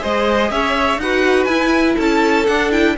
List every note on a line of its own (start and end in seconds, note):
0.00 0.51 G#3
0.00 0.98 G#4
0.00 0.51 C5
0.00 0.52 D#5
0.51 0.98 C#4
0.51 1.02 C#5
0.51 1.00 E5
0.98 1.47 D#4
0.98 1.49 F#4
0.98 1.96 B4
0.98 1.45 F#5
1.45 1.96 E4
1.45 2.47 E4
1.45 1.94 G#5
1.96 2.48 C#4
1.96 2.94 A4
1.96 2.47 A5
2.47 2.71 D4
2.47 2.97 D4
2.47 2.71 F#5
2.71 2.96 E4
2.71 2.97 G5